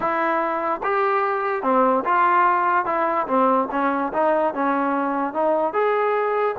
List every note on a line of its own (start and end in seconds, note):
0.00 0.81 E4
0.83 1.63 G4
1.63 2.04 C4
2.05 2.85 F4
2.85 3.26 E4
3.27 3.68 C4
3.71 4.12 C#4
4.13 4.53 D#4
4.53 5.33 C#4
5.33 5.73 D#4
5.73 6.55 G#4